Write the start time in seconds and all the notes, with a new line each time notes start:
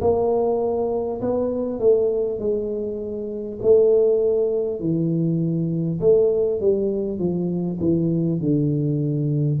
0.00 A#3
1.21 B3
1.79 A3
2.39 G#3
3.62 A3
4.79 E3
6.00 A3
6.60 G3
7.18 F3
7.80 E3
8.39 D3